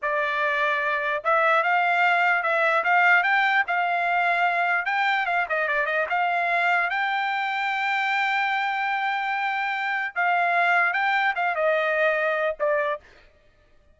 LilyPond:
\new Staff \with { instrumentName = "trumpet" } { \time 4/4 \tempo 4 = 148 d''2. e''4 | f''2 e''4 f''4 | g''4 f''2. | g''4 f''8 dis''8 d''8 dis''8 f''4~ |
f''4 g''2.~ | g''1~ | g''4 f''2 g''4 | f''8 dis''2~ dis''8 d''4 | }